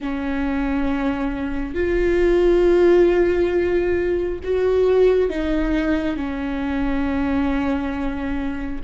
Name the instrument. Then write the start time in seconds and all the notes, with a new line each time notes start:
viola
0.00 C#4
1.74 F4
4.44 F#4
5.29 D#4
6.16 C#4